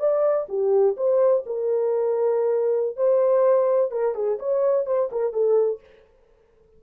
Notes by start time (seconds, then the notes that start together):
0.00 D5
0.49 G4
0.97 C5
1.46 A#4
2.97 C5
3.91 A#4
4.15 G#4
4.39 C#5
4.86 C5
5.12 A#4
5.33 A4